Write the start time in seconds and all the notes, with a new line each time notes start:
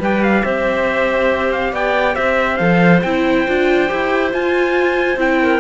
0.00 G3 G4 B4 G5
0.24 F5
0.44 C4 C5 E5
1.52 F5
1.73 B3 D5 G5
2.15 C4 C5 E5
2.57 F3 A4 F5
3.02 C4 E4 G5
3.48 D4 F4
3.89 E4 G4
4.31 F4 G#5
5.17 C4 E4 G5
5.42 A#4